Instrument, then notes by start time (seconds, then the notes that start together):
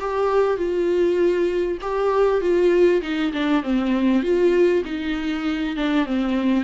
viola
0.00 G4
0.57 F4
1.81 G4
2.41 F4
3.02 D#4
3.33 D4
3.63 C4
4.23 F4
4.85 D#4
5.76 D4
6.06 C4